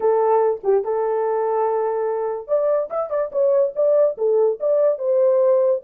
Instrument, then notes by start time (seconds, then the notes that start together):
horn
0.00 A4
0.63 G4
0.84 A4
2.47 D5
2.89 E5
3.10 D5
3.32 C#5
3.75 D5
4.17 A4
4.60 D5
4.98 C5